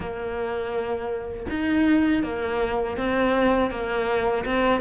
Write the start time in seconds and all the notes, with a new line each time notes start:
0.00 A#3
1.49 D#4
2.23 A#3
2.97 C4
3.70 A#3
4.45 C4